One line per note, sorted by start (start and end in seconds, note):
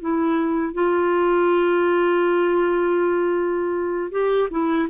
0.00 0.73 E4
0.73 4.11 F4
4.11 4.49 G4
4.50 4.88 E4